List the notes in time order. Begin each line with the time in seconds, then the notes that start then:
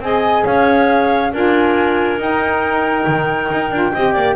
0.00 C4 G#4 D#5 G#5
0.45 C#4 C#5 F5
1.33 D4 F4 A#4 G#5
2.18 D#4 G5
3.07 D#3
3.52 D#4
3.71 D4 F4
3.93 C4 G4 D#5
4.13 A#3 D5